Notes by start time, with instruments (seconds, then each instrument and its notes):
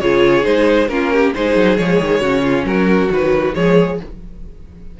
0.00 cello C#3, viola F4, violin G#4 C#5
0.43 cello G#3, viola D#4, violin C5
0.88 cello A#3, viola C#4, violin F4 A#4
1.13 violin G4
1.35 cello G#3, viola D#4, violin G#4 C5
1.56 cello F#3
1.77 cello F3, viola G#3, violin C#5
2.00 cello D#3
2.20 cello C#3, viola C#4, violin F#4
2.43 violin F4
2.65 cello F#3, violin F#4 A#4
3.09 cello D#3, viola F#3, violin B4
3.53 cello F3, viola G#3, violin G#4 C#5